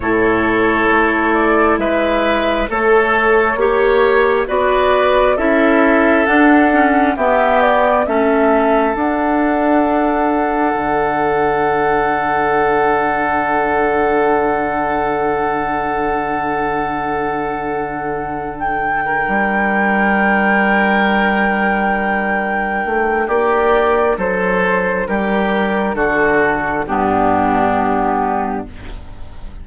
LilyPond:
<<
  \new Staff \with { instrumentName = "flute" } { \time 4/4 \tempo 4 = 67 cis''4. d''8 e''4 cis''4~ | cis''4 d''4 e''4 fis''4 | e''8 d''8 e''4 fis''2~ | fis''1~ |
fis''1~ | fis''8. g''2.~ g''16~ | g''2 d''4 c''4 | ais'4 a'4 g'2 | }
  \new Staff \with { instrumentName = "oboe" } { \time 4/4 a'2 b'4 a'4 | cis''4 b'4 a'2 | g'4 a'2.~ | a'1~ |
a'1~ | a'4~ a'16 ais'2~ ais'8.~ | ais'2 g'4 a'4 | g'4 fis'4 d'2 | }
  \new Staff \with { instrumentName = "clarinet" } { \time 4/4 e'2. a'4 | g'4 fis'4 e'4 d'8 cis'8 | b4 cis'4 d'2~ | d'1~ |
d'1~ | d'1~ | d'1~ | d'2 b2 | }
  \new Staff \with { instrumentName = "bassoon" } { \time 4/4 a,4 a4 gis4 a4 | ais4 b4 cis'4 d'4 | b4 a4 d'2 | d1~ |
d1~ | d4. g2~ g8~ | g4. a8 ais4 fis4 | g4 d4 g,2 | }
>>